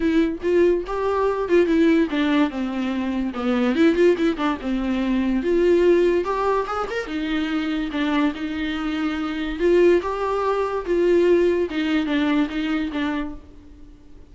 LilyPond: \new Staff \with { instrumentName = "viola" } { \time 4/4 \tempo 4 = 144 e'4 f'4 g'4. f'8 | e'4 d'4 c'2 | b4 e'8 f'8 e'8 d'8 c'4~ | c'4 f'2 g'4 |
gis'8 ais'8 dis'2 d'4 | dis'2. f'4 | g'2 f'2 | dis'4 d'4 dis'4 d'4 | }